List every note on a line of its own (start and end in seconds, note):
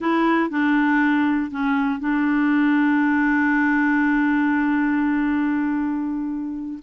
0.00 0.50 E4
0.50 1.50 D4
1.51 1.99 C#4
1.99 6.78 D4